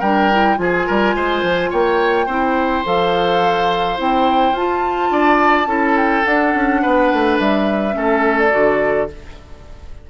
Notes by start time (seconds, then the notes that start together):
0.00 G3 D4 A#4 G5
0.32 E4
0.57 F3 F4 G#4 G#5
0.87 G3 A#4
1.15 G#3 C5
1.43 F3
1.70 A#3 C#5 G5
2.26 C4 E4 C5
2.85 F3 A4 F5
3.97 C4 E4 G5
4.52 F4 A5
5.11 D4 D5
5.66 C#4 E4 A4
5.97 G5
6.25 D4 F#5
6.54 C#4
6.82 B3 B4
7.13 A3
7.40 G3 E5
7.92 A3 C#4 A4
8.39 D5
8.51 D3 F#4